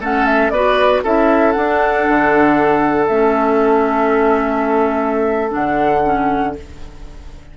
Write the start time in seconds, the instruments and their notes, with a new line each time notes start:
0.00 bassoon A3, clarinet C#4, oboe A4, flute F#5
0.26 flute E5
0.51 bassoon B3, clarinet F#4, oboe B4, flute D5
1.04 bassoon C#4, clarinet E4, oboe A4, flute E5
1.52 clarinet D4, bassoon D4, flute F#5
2.09 bassoon D3
3.07 bassoon A3, clarinet C#4, flute E5
5.50 bassoon D3, clarinet D4, flute F#5
6.04 clarinet C#4